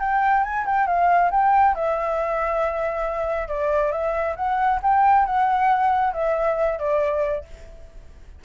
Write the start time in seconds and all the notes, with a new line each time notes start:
0.00 G5
0.44 G#5
0.66 G5
0.87 F5
1.31 G5
1.75 E5
3.48 D5
3.92 E5
4.36 F#5
4.83 G5
5.26 F#5
6.14 E5
6.79 D5